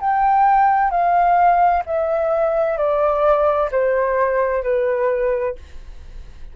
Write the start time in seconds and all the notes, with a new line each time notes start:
0.00 G5
0.91 F5
1.86 E5
2.77 D5
3.71 C5
4.63 B4